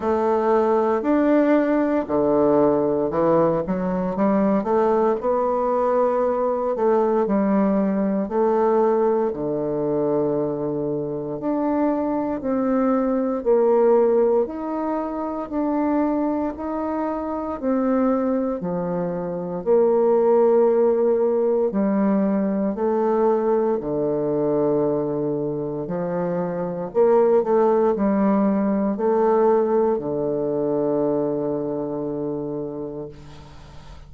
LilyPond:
\new Staff \with { instrumentName = "bassoon" } { \time 4/4 \tempo 4 = 58 a4 d'4 d4 e8 fis8 | g8 a8 b4. a8 g4 | a4 d2 d'4 | c'4 ais4 dis'4 d'4 |
dis'4 c'4 f4 ais4~ | ais4 g4 a4 d4~ | d4 f4 ais8 a8 g4 | a4 d2. | }